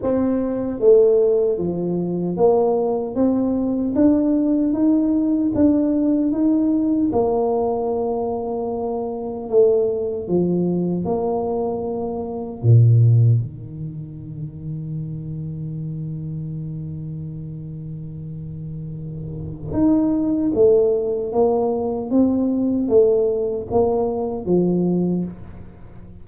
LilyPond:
\new Staff \with { instrumentName = "tuba" } { \time 4/4 \tempo 4 = 76 c'4 a4 f4 ais4 | c'4 d'4 dis'4 d'4 | dis'4 ais2. | a4 f4 ais2 |
ais,4 dis2.~ | dis1~ | dis4 dis'4 a4 ais4 | c'4 a4 ais4 f4 | }